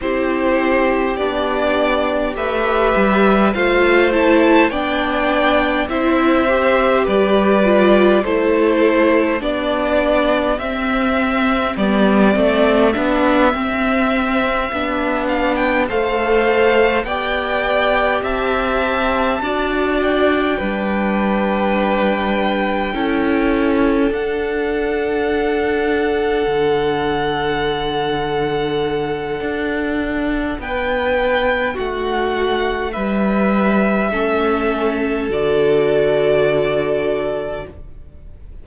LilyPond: <<
  \new Staff \with { instrumentName = "violin" } { \time 4/4 \tempo 4 = 51 c''4 d''4 e''4 f''8 a''8 | g''4 e''4 d''4 c''4 | d''4 e''4 d''4 e''4~ | e''4 f''16 g''16 f''4 g''4 a''8~ |
a''4 g''2.~ | g''8 fis''2.~ fis''8~ | fis''2 g''4 fis''4 | e''2 d''2 | }
  \new Staff \with { instrumentName = "violin" } { \time 4/4 g'2 b'4 c''4 | d''4 c''4 b'4 a'4 | g'1~ | g'4. c''4 d''4 e''8~ |
e''8 d''4 b'2 a'8~ | a'1~ | a'2 b'4 fis'4 | b'4 a'2. | }
  \new Staff \with { instrumentName = "viola" } { \time 4/4 e'4 d'4 g'4 f'8 e'8 | d'4 e'8 g'4 f'8 e'4 | d'4 c'4 b8 c'8 d'8 c'8~ | c'8 d'4 a'4 g'4.~ |
g'8 fis'4 d'2 e'8~ | e'8 d'2.~ d'8~ | d'1~ | d'4 cis'4 fis'2 | }
  \new Staff \with { instrumentName = "cello" } { \time 4/4 c'4 b4 a8 g8 a4 | b4 c'4 g4 a4 | b4 c'4 g8 a8 b8 c'8~ | c'8 b4 a4 b4 c'8~ |
c'8 d'4 g2 cis'8~ | cis'8 d'2 d4.~ | d4 d'4 b4 a4 | g4 a4 d2 | }
>>